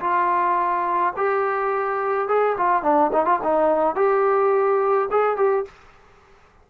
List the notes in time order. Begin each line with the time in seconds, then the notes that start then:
0.00 F4
1.16 G4
2.28 G#4
2.57 F4
2.82 D4
3.12 D#4
3.25 F4
3.43 D#4
3.95 G4
5.10 G#4
5.36 G4